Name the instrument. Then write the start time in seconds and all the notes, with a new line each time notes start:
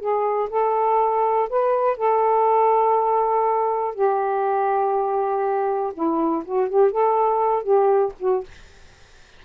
saxophone
0.00 G#4
0.50 A4
1.50 B4
1.97 A4
3.95 G4
5.94 E4
6.46 F#4
6.69 G4
6.92 A4
7.63 G4
8.19 F#4